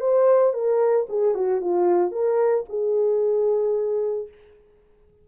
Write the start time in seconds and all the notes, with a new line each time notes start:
0.00 C5
0.53 A#4
1.09 G#4
1.34 F#4
1.60 F4
2.11 A#4
2.69 G#4